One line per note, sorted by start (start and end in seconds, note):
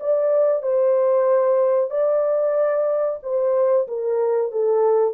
0.00 0.63 D5
0.63 1.91 C5
1.91 3.20 D5
3.23 3.88 C5
3.88 4.52 A#4
4.52 5.14 A4